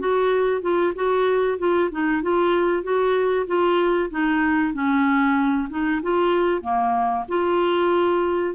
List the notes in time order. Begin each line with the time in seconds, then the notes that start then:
0.00 F#4
0.62 F4
0.96 F#4
1.59 F4
1.91 D#4
2.23 F4
2.83 F#4
3.47 F4
4.11 D#4
4.74 C#4
5.70 D#4
6.03 F4
6.62 A#3
7.29 F4